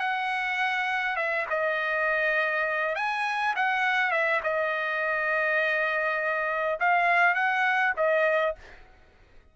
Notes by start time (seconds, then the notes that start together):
0.00 F#5
1.16 E5
1.50 D#5
2.95 G#5
3.56 F#5
4.11 E5
4.44 D#5
6.80 F5
7.34 F#5
7.97 D#5